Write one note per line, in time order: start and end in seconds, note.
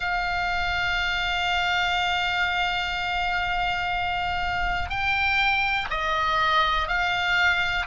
0.00 4.89 F5
4.89 5.87 G5
5.90 6.88 D#5
6.88 7.86 F5